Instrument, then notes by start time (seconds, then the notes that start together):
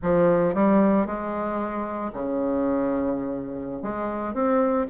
bassoon
0.02 F3
0.54 G3
1.06 G#3
2.13 C#3
3.82 G#3
4.33 C4